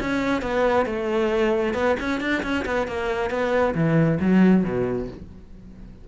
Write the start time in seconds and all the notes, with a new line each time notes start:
0.00 C#4
0.42 B3
0.86 A3
1.74 B3
2.00 C#4
2.21 D4
2.43 C#4
2.66 B3
2.87 A#3
3.30 B3
3.75 E3
4.20 F#3
4.64 B2